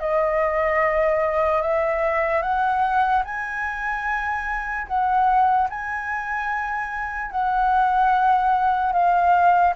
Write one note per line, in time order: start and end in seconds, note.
0.00 1.62 D#5
1.62 2.42 E5
2.42 3.23 F#5
3.25 4.87 G#5
4.88 5.69 F#5
5.70 7.31 G#5
7.31 8.93 F#5
8.93 9.74 F5